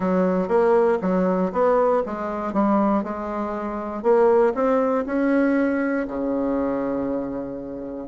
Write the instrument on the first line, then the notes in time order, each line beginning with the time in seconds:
bassoon
0.00 F#3
0.48 A#3
1.01 F#3
1.52 B3
2.06 G#3
2.53 G3
3.03 G#3
4.02 A#3
4.54 C4
5.06 C#4
6.07 C#3